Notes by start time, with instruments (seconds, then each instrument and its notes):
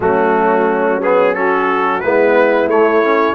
0.00 tuba F#3, trombone A3, horn C#4, trumpet F#4
1.02 trombone B3, trumpet G#4
1.34 trombone C#4, horn F#4, trumpet A4
2.00 tuba G#3, trombone B3, horn E4, trumpet B4
2.66 tuba A3, trombone A3, trumpet C#5
3.03 trombone C#4